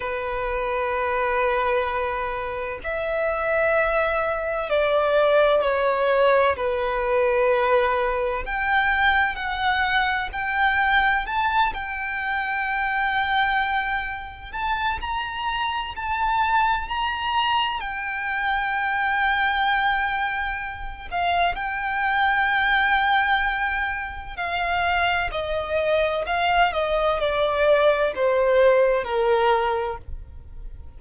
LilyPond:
\new Staff \with { instrumentName = "violin" } { \time 4/4 \tempo 4 = 64 b'2. e''4~ | e''4 d''4 cis''4 b'4~ | b'4 g''4 fis''4 g''4 | a''8 g''2. a''8 |
ais''4 a''4 ais''4 g''4~ | g''2~ g''8 f''8 g''4~ | g''2 f''4 dis''4 | f''8 dis''8 d''4 c''4 ais'4 | }